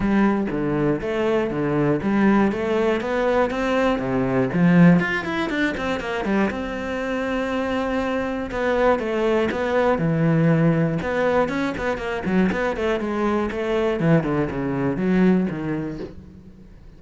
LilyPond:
\new Staff \with { instrumentName = "cello" } { \time 4/4 \tempo 4 = 120 g4 d4 a4 d4 | g4 a4 b4 c'4 | c4 f4 f'8 e'8 d'8 c'8 | ais8 g8 c'2.~ |
c'4 b4 a4 b4 | e2 b4 cis'8 b8 | ais8 fis8 b8 a8 gis4 a4 | e8 d8 cis4 fis4 dis4 | }